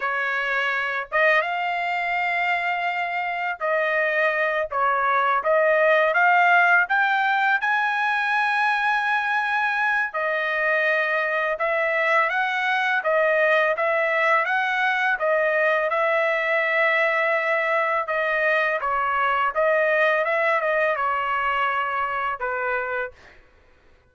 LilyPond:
\new Staff \with { instrumentName = "trumpet" } { \time 4/4 \tempo 4 = 83 cis''4. dis''8 f''2~ | f''4 dis''4. cis''4 dis''8~ | dis''8 f''4 g''4 gis''4.~ | gis''2 dis''2 |
e''4 fis''4 dis''4 e''4 | fis''4 dis''4 e''2~ | e''4 dis''4 cis''4 dis''4 | e''8 dis''8 cis''2 b'4 | }